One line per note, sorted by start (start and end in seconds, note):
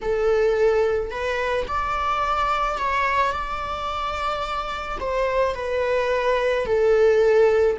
0.02 1.11 A4
1.11 1.66 B4
1.67 2.78 D5
2.78 3.31 C#5
3.31 4.98 D5
4.99 5.55 C5
5.55 6.66 B4
6.66 7.77 A4